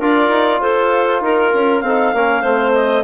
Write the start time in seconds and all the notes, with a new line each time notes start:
0.00 D4 F4 A#4 D5
0.30 D#4
0.60 F4 A4 C5
1.21 D#4 A#4
1.54 C#4
1.80 C4 D#4 A4 F5
2.14 A#3 C#4 A#4
2.42 A3 C4 C5
2.74 D#5